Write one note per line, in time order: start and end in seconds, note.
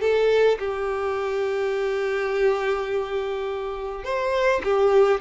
0.00 0.58 A4
0.58 4.04 G4
4.04 4.61 C5
4.63 5.20 G4